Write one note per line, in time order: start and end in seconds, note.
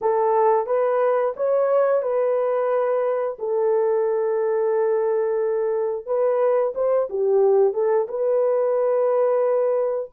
0.01 0.66 A4
0.66 1.34 B4
1.36 2.02 C#5
2.02 3.37 B4
3.38 6.06 A4
6.06 6.73 B4
6.74 7.08 C5
7.09 7.73 G4
7.73 8.07 A4
8.08 10.10 B4